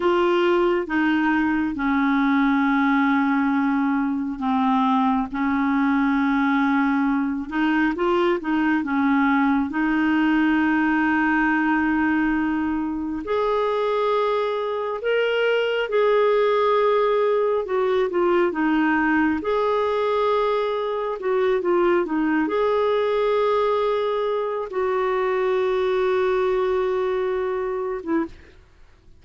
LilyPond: \new Staff \with { instrumentName = "clarinet" } { \time 4/4 \tempo 4 = 68 f'4 dis'4 cis'2~ | cis'4 c'4 cis'2~ | cis'8 dis'8 f'8 dis'8 cis'4 dis'4~ | dis'2. gis'4~ |
gis'4 ais'4 gis'2 | fis'8 f'8 dis'4 gis'2 | fis'8 f'8 dis'8 gis'2~ gis'8 | fis'2.~ fis'8. e'16 | }